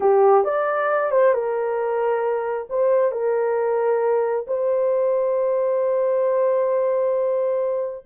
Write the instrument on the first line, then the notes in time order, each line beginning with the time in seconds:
horn
0.00 G4
0.44 D5
1.11 C5
1.33 A#4
2.69 C5
3.11 A#4
4.47 C5